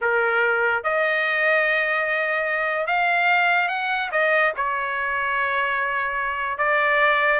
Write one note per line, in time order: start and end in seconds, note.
0.01 0.83 A#4
0.83 2.86 D#5
2.86 3.68 F5
3.68 4.09 F#5
4.11 4.52 D#5
4.56 6.58 C#5
6.58 7.40 D5